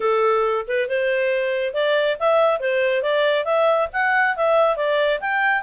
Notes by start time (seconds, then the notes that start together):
0.00 A4
0.67 B4
0.88 C5
1.73 D5
2.19 E5
2.60 C5
3.02 D5
3.44 E5
3.92 F#5
4.36 E5
4.76 D5
5.20 G5